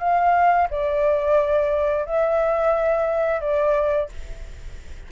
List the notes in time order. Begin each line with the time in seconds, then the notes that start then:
0.00 F5
0.71 D5
2.06 E5
3.41 D5